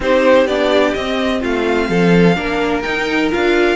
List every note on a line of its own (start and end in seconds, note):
0.00 0.45 C4
0.00 0.48 D#4
0.00 1.40 G4
0.00 0.46 C5
0.45 0.93 B3
0.45 0.96 D4
0.45 0.94 D5
0.94 1.42 C4
0.94 2.35 C4
0.94 1.41 D#5
1.40 1.89 A3
1.40 1.87 F4
1.40 2.81 F5
1.89 2.36 F3
1.89 2.36 A4
2.35 2.84 A#3
2.35 2.82 D4
2.35 3.76 A#4
2.81 3.30 D#4
2.81 3.33 D#4
2.81 3.28 G5
3.30 3.76 D4
3.30 3.76 F4
3.30 3.76 F5